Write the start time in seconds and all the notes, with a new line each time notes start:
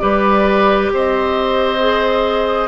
0.00 G3 G4 B4 D5
0.92 C4 C5 D#5
1.80 G#4